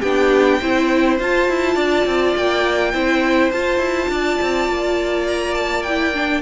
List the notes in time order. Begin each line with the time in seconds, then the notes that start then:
0.00 B3 D4 G4 G5
0.60 C4 E4 C5
1.19 F4 A5
1.48 E4
1.75 D4 D5
2.05 C4
2.35 A#3 G5
2.93 C4 E4 C5
3.51 F4 A5
3.78 E4
4.08 D4 D5
4.41 C4
4.68 A#3
5.27 A#5
5.54 A5
5.82 E4 G5
6.13 D4